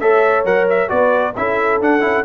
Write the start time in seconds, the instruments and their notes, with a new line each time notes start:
0.00 tuba A3, trombone A4, horn C#5, trumpet E5
0.45 tuba F#3, trombone A#4, trumpet F#5
0.70 trumpet E5
0.88 tuba B3, trombone F#4, horn B4, trumpet D5
1.37 tuba C#4, trombone E4, horn A4, trumpet E5
1.81 tuba D4, trombone D4, trumpet F#5
2.01 tuba C#4, trombone E4